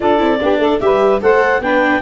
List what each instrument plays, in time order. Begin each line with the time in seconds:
0.00 tuba D4, viola F4, saxophone A4, clarinet D5
0.18 tuba C4, viola E4
0.40 tuba B3, viola D4, saxophone G4
0.58 tuba A3, saxophone A4
0.80 tuba G3, viola G4, saxophone B4, clarinet E5
1.21 tuba A3, viola A4, saxophone C5, clarinet F#5
1.60 tuba B3, viola D4, saxophone B4, clarinet G5